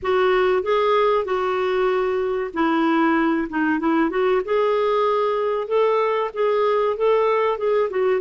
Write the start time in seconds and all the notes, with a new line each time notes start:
0.02 F#4
0.63 G#4
1.24 F#4
2.53 E4
3.49 D#4
3.79 E4
4.09 F#4
4.44 G#4
5.67 A4
6.33 G#4
6.96 A4
7.58 G#4
7.89 F#4